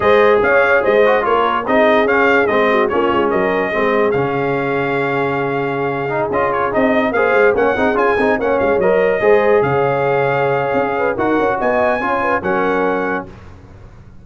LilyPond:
<<
  \new Staff \with { instrumentName = "trumpet" } { \time 4/4 \tempo 4 = 145 dis''4 f''4 dis''4 cis''4 | dis''4 f''4 dis''4 cis''4 | dis''2 f''2~ | f''2.~ f''16 dis''8 cis''16~ |
cis''16 dis''4 f''4 fis''4 gis''8.~ | gis''16 fis''8 f''8 dis''2 f''8.~ | f''2. fis''4 | gis''2 fis''2 | }
  \new Staff \with { instrumentName = "horn" } { \time 4/4 c''4 cis''4 c''4 ais'4 | gis'2~ gis'8 fis'8 f'4 | ais'4 gis'2.~ | gis'1~ |
gis'4~ gis'16 c''4 cis''8 gis'4~ gis'16~ | gis'16 cis''2 c''4 cis''8.~ | cis''2~ cis''8 b'8 ais'4 | dis''4 cis''8 b'8 ais'2 | }
  \new Staff \with { instrumentName = "trombone" } { \time 4/4 gis'2~ gis'8 fis'8 f'4 | dis'4 cis'4 c'4 cis'4~ | cis'4 c'4 cis'2~ | cis'2~ cis'8. dis'8 f'8.~ |
f'16 dis'4 gis'4 cis'8 dis'8 f'8 dis'16~ | dis'16 cis'4 ais'4 gis'4.~ gis'16~ | gis'2. fis'4~ | fis'4 f'4 cis'2 | }
  \new Staff \with { instrumentName = "tuba" } { \time 4/4 gis4 cis'4 gis4 ais4 | c'4 cis'4 gis4 ais8 gis8 | fis4 gis4 cis2~ | cis2.~ cis16 cis'8.~ |
cis'16 c'4 ais8 gis8 ais8 c'8 cis'8 c'16~ | c'16 ais8 gis8 fis4 gis4 cis8.~ | cis2 cis'4 dis'8 cis'8 | b4 cis'4 fis2 | }
>>